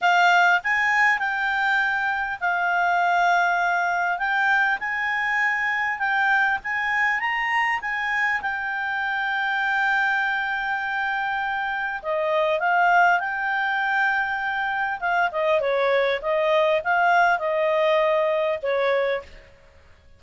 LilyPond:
\new Staff \with { instrumentName = "clarinet" } { \time 4/4 \tempo 4 = 100 f''4 gis''4 g''2 | f''2. g''4 | gis''2 g''4 gis''4 | ais''4 gis''4 g''2~ |
g''1 | dis''4 f''4 g''2~ | g''4 f''8 dis''8 cis''4 dis''4 | f''4 dis''2 cis''4 | }